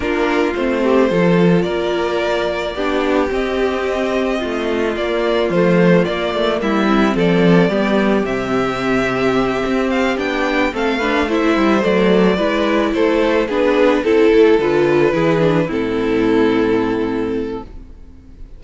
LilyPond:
<<
  \new Staff \with { instrumentName = "violin" } { \time 4/4 \tempo 4 = 109 ais'4 c''2 d''4~ | d''2 dis''2~ | dis''4 d''4 c''4 d''4 | e''4 d''2 e''4~ |
e''2 f''8 g''4 f''8~ | f''8 e''4 d''2 c''8~ | c''8 b'4 a'4 b'4.~ | b'8 a'2.~ a'8 | }
  \new Staff \with { instrumentName = "violin" } { \time 4/4 f'4. g'8 a'4 ais'4~ | ais'4 g'2. | f'1 | e'4 a'4 g'2~ |
g'2.~ g'8 a'8 | b'8 c''2 b'4 a'8~ | a'8 gis'4 a'2 gis'8~ | gis'8 e'2.~ e'8 | }
  \new Staff \with { instrumentName = "viola" } { \time 4/4 d'4 c'4 f'2~ | f'4 d'4 c'2~ | c'4 ais4 a4 ais4~ | ais8 c'4. b4 c'4~ |
c'2~ c'8 d'4 c'8 | d'8 e'4 a4 e'4.~ | e'8 d'4 e'4 f'4 e'8 | d'8 c'2.~ c'8 | }
  \new Staff \with { instrumentName = "cello" } { \time 4/4 ais4 a4 f4 ais4~ | ais4 b4 c'2 | a4 ais4 f4 ais8 a8 | g4 f4 g4 c4~ |
c4. c'4 b4 a8~ | a4 g8 fis4 gis4 a8~ | a8 b4 c'8 a8 d4 e8~ | e8 a,2.~ a,8 | }
>>